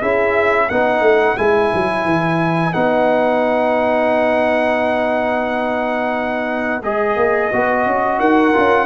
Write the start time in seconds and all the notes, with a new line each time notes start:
0.00 C#4 E4 G#4 E5
0.66 B3 D#4 B4 F#5
1.00 A3
1.37 G#3 E4 G#5
1.73 F#3
2.04 E3
2.72 B3 D#4 F#5
6.82 G#3 G#4 D#5
7.16 A#3
7.52 B3 F#4
7.86 C#4
8.19 D#4 A#4 F#5
8.53 C#4 F4